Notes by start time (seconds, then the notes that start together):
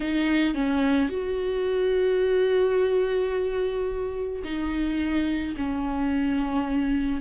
0.00 D#4
0.54 C#4
1.09 F#4
4.44 D#4
5.56 C#4